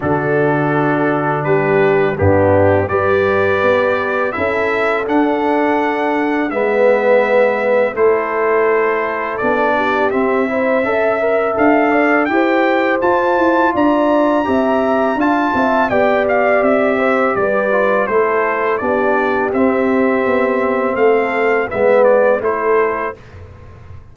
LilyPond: <<
  \new Staff \with { instrumentName = "trumpet" } { \time 4/4 \tempo 4 = 83 a'2 b'4 g'4 | d''2 e''4 fis''4~ | fis''4 e''2 c''4~ | c''4 d''4 e''2 |
f''4 g''4 a''4 ais''4~ | ais''4 a''4 g''8 f''8 e''4 | d''4 c''4 d''4 e''4~ | e''4 f''4 e''8 d''8 c''4 | }
  \new Staff \with { instrumentName = "horn" } { \time 4/4 fis'2 g'4 d'4 | b'2 a'2~ | a'4 b'2 a'4~ | a'4. g'4 c''8 e''4~ |
e''8 d''8 c''2 d''4 | e''4 f''8 e''8 d''4. c''8 | b'4 a'4 g'2~ | g'4 a'4 b'4 a'4 | }
  \new Staff \with { instrumentName = "trombone" } { \time 4/4 d'2. b4 | g'2 e'4 d'4~ | d'4 b2 e'4~ | e'4 d'4 c'8 e'8 a'8 ais'8 |
a'4 g'4 f'2 | g'4 f'4 g'2~ | g'8 f'8 e'4 d'4 c'4~ | c'2 b4 e'4 | }
  \new Staff \with { instrumentName = "tuba" } { \time 4/4 d2 g4 g,4 | g4 b4 cis'4 d'4~ | d'4 gis2 a4~ | a4 b4 c'4 cis'4 |
d'4 e'4 f'8 e'8 d'4 | c'4 d'8 c'8 b4 c'4 | g4 a4 b4 c'4 | b4 a4 gis4 a4 | }
>>